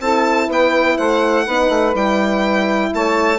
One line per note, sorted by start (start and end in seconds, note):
0.00 0.48 C4
0.00 1.47 E4
0.00 0.47 A4
0.00 0.49 A5
0.47 0.97 B3
0.47 0.95 B4
0.47 0.97 G5
0.97 1.47 A3
0.97 1.45 C5
0.97 1.94 F#5
1.45 1.69 B3
1.45 1.93 D#4
1.45 2.90 B4
1.69 1.93 A3
1.93 2.91 G3
1.93 3.38 E4
1.93 2.93 G5
2.94 3.38 A3
2.94 3.38 C#5
2.94 3.38 A5